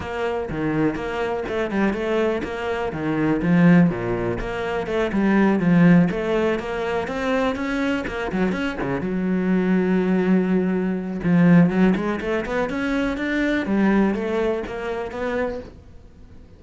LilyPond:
\new Staff \with { instrumentName = "cello" } { \time 4/4 \tempo 4 = 123 ais4 dis4 ais4 a8 g8 | a4 ais4 dis4 f4 | ais,4 ais4 a8 g4 f8~ | f8 a4 ais4 c'4 cis'8~ |
cis'8 ais8 fis8 cis'8 cis8 fis4.~ | fis2. f4 | fis8 gis8 a8 b8 cis'4 d'4 | g4 a4 ais4 b4 | }